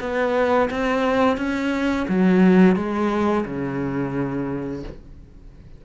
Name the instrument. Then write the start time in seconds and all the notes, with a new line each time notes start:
cello
0.00 B3
0.70 C4
1.37 C#4
2.08 F#3
2.76 G#3
3.45 C#3